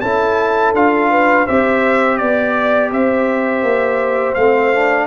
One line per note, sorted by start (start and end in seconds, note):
0.00 0.74 C#4
0.00 0.75 E4
0.00 1.10 A4
0.00 0.72 A5
0.74 1.46 D4
0.74 1.47 F4
0.74 1.47 F5
1.10 1.45 B4
1.45 2.21 C4
1.45 4.37 G4
1.45 2.18 C5
1.45 2.17 E5
2.17 2.92 B3
2.17 2.90 D5
2.91 3.62 C4
2.91 5.07 C5
2.91 4.34 E5
3.62 4.34 A#3
4.34 5.07 A3
4.34 4.74 C4
4.34 5.06 F5
4.74 5.07 D4